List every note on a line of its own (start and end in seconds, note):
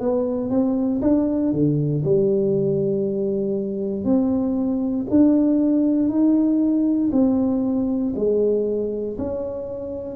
0.00 0.50 B3
0.50 1.01 C4
1.01 1.52 D4
1.52 2.03 D3
2.04 4.04 G3
4.04 5.06 C4
5.10 6.09 D4
6.09 7.10 D#4
7.12 8.14 C4
8.15 9.17 G#3
9.18 10.16 C#4